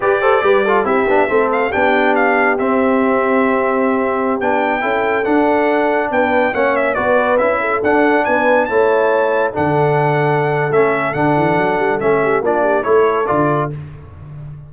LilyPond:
<<
  \new Staff \with { instrumentName = "trumpet" } { \time 4/4 \tempo 4 = 140 d''2 e''4. f''8 | g''4 f''4 e''2~ | e''2~ e''16 g''4.~ g''16~ | g''16 fis''2 g''4 fis''8 e''16~ |
e''16 d''4 e''4 fis''4 gis''8.~ | gis''16 a''2 fis''4.~ fis''16~ | fis''4 e''4 fis''2 | e''4 d''4 cis''4 d''4 | }
  \new Staff \with { instrumentName = "horn" } { \time 4/4 b'8 c''8 b'8 a'8 g'4 a'4 | g'1~ | g'2.~ g'16 a'8.~ | a'2~ a'16 b'4 cis''8.~ |
cis''16 b'4. a'4. b'8.~ | b'16 cis''2 a'4.~ a'16~ | a'1~ | a'8 g'8 f'8 g'8 a'2 | }
  \new Staff \with { instrumentName = "trombone" } { \time 4/4 g'8 a'8 g'8 f'8 e'8 d'8 c'4 | d'2 c'2~ | c'2~ c'16 d'4 e'8.~ | e'16 d'2. cis'8.~ |
cis'16 fis'4 e'4 d'4.~ d'16~ | d'16 e'2 d'4.~ d'16~ | d'4 cis'4 d'2 | cis'4 d'4 e'4 f'4 | }
  \new Staff \with { instrumentName = "tuba" } { \time 4/4 g'4 g4 c'8 b8 a4 | b2 c'2~ | c'2~ c'16 b4 cis'8.~ | cis'16 d'2 b4 ais8.~ |
ais16 b4 cis'4 d'4 b8.~ | b16 a2 d4.~ d16~ | d4 a4 d8 e8 fis8 g8 | a4 ais4 a4 d4 | }
>>